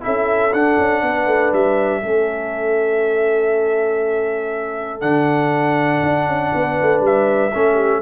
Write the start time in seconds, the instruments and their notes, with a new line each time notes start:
0.00 tuba C#4, trombone E4, horn A4, trumpet E5
0.53 tuba D4, trombone D4, trumpet F#5
0.78 tuba C#4
1.02 tuba B3, horn B4
1.27 tuba A3
1.52 tuba G3, trumpet E5
2.01 tuba A3, trombone C#4, horn A4
5.00 tuba D3, trombone D4, trumpet F#5
6.02 tuba D4
6.27 tuba C#4
6.54 tuba B3, horn B4
6.81 tuba A3
7.00 tuba G3, trumpet E5
7.53 tuba A3, trombone C#4, horn A4
7.74 horn G4